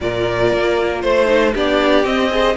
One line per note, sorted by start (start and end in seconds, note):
0.01 0.52 A#2
0.01 1.25 F4
0.01 1.02 A#4
0.01 1.01 D5
0.52 1.03 A#3
1.01 1.54 A3
1.01 1.52 C5
1.01 1.53 C5
1.25 1.51 D#4
1.53 2.04 B3
1.53 2.04 D4
1.53 2.30 G4
1.53 2.05 D5
2.04 2.30 C4
2.04 2.56 C4
2.04 2.56 D#5
2.30 2.55 G#4
2.30 2.56 C5